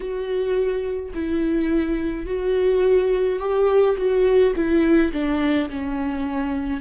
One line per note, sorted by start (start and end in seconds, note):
0.00 1.12 F#4
1.14 2.26 E4
2.26 3.39 F#4
3.39 3.96 G4
3.97 4.53 F#4
4.55 5.12 E4
5.12 5.69 D4
5.69 6.80 C#4